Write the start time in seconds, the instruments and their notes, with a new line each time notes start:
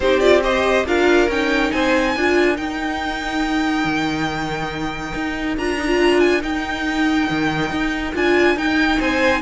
0.00 cello C4, viola D#4, violin G4 C5
0.20 viola F4, violin D5
0.43 viola G4, violin C5 D#5
0.86 cello D4, viola F4, violin A#4 F5
1.28 cello C#4, viola D#4, violin G5
1.71 cello C4, violin C5 G#5
2.16 cello D4, viola F4, violin A#4
2.55 viola D#4, cello D#4, violin G5
3.84 cello D#3
5.14 cello D#4
5.57 cello D4, viola F4, violin A#5
5.78 viola D#4
5.87 viola F4
6.20 violin G#5
6.40 viola D#4, cello D#4, violin G5
7.30 cello D#3
7.71 cello D#4
8.14 cello D4, viola F4, violin G#5
8.55 cello D#4, viola D#4, violin G5
8.98 cello C4, violin C5 G#5